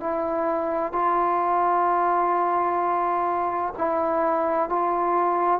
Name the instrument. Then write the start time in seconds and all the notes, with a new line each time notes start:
trombone
0.00 E4
0.92 F4
3.78 E4
4.69 F4